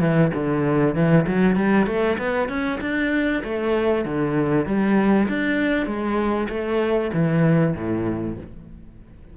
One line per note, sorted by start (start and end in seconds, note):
0.00 0.31 E3
0.34 0.94 D3
0.94 1.25 E3
1.27 1.56 F#3
1.56 1.86 G3
1.86 2.17 A3
2.18 2.48 B3
2.48 2.79 C#4
2.81 3.42 D4
3.44 4.05 A3
4.05 4.65 D3
4.65 5.27 G3
5.28 5.86 D4
5.86 6.48 G#3
6.49 7.11 A3
7.13 7.75 E3
7.75 8.37 A2